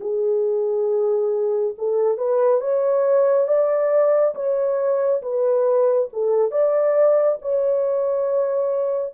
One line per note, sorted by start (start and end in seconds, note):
0.00 1.74 G#4
1.78 2.17 A4
2.17 2.60 B4
2.60 3.47 C#5
3.47 4.34 D5
4.34 5.21 C#5
5.22 6.09 B4
6.12 6.51 A4
6.51 7.38 D5
7.42 9.13 C#5